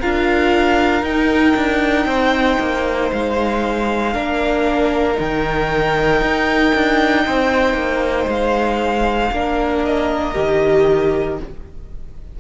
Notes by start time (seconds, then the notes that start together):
0.00 D4 F4 A#4 F5
1.03 D#4 G5
1.56 D4
2.06 C4 C5
2.60 A#3
3.12 G#3 F5
4.13 A#3 D4 A#4
5.14 D#3 D#4 G5
6.21 D#4
6.75 D4
7.25 C4 C5
7.74 A#3
8.28 G#3 F5
9.32 A#3 D4 A#4
9.85 D#5
10.35 D#3 G4